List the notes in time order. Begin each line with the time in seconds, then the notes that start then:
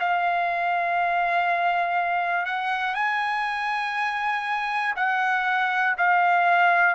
0.00 F5
2.46 F#5
2.95 G#5
4.97 F#5
5.98 F5